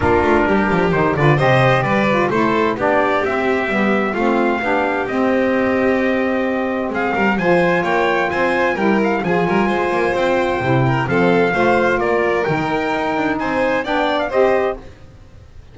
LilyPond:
<<
  \new Staff \with { instrumentName = "trumpet" } { \time 4/4 \tempo 4 = 130 ais'2 c''8 d''8 dis''4 | d''4 c''4 d''4 e''4~ | e''4 f''2 dis''4~ | dis''2. f''4 |
gis''4 g''4 gis''4 g''8 f''8 | gis''2 g''2 | f''2 d''4 g''4~ | g''4 gis''4 g''8. f''16 dis''4 | }
  \new Staff \with { instrumentName = "violin" } { \time 4/4 f'4 g'4. b'8 c''4 | b'4 a'4 g'2~ | g'4 f'4 g'2~ | g'2. gis'8 ais'8 |
c''4 cis''4 c''4 ais'4 | gis'8 ais'8 c''2~ c''8 ais'8 | a'4 c''4 ais'2~ | ais'4 c''4 d''4 c''4 | }
  \new Staff \with { instrumentName = "saxophone" } { \time 4/4 d'2 dis'8 f'8 g'4~ | g'8 f'8 e'4 d'4 c'4 | b4 c'4 d'4 c'4~ | c'1 |
f'2. e'4 | f'2. e'4 | c'4 f'2 dis'4~ | dis'2 d'4 g'4 | }
  \new Staff \with { instrumentName = "double bass" } { \time 4/4 ais8 a8 g8 f8 dis8 d8 c4 | g4 a4 b4 c'4 | g4 a4 b4 c'4~ | c'2. gis8 g8 |
f4 ais4 c'4 g4 | f8 g8 gis8 ais8 c'4 c4 | f4 a4 ais4 dis4 | dis'8 d'8 c'4 b4 c'4 | }
>>